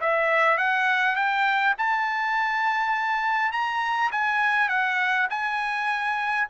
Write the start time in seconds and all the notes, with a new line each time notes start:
0.00 E5
0.57 F#5
1.16 G5
1.78 A5
3.52 A#5
4.11 G#5
4.68 F#5
5.30 G#5